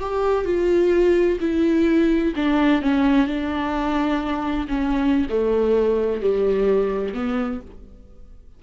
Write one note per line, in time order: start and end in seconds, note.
0.00 0.45 G4
0.45 1.39 F4
1.40 2.34 E4
2.36 2.82 D4
2.82 3.27 C#4
3.27 4.67 D4
4.69 5.27 C#4
5.29 6.21 A3
6.21 7.14 G3
7.14 7.61 B3